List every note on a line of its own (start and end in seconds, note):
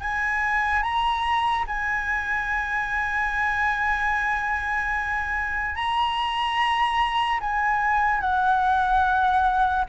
0.00 0.82 G#5
0.82 1.64 A#5
1.67 5.75 G#5
5.75 7.39 A#5
7.40 8.20 G#5
8.20 9.85 F#5